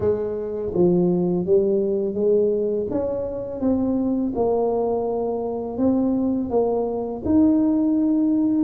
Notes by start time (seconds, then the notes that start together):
0.00 G#3
0.74 F3
1.45 G3
2.14 G#3
2.90 C#4
3.60 C4
4.35 A#3
5.77 C4
6.50 A#3
7.25 D#4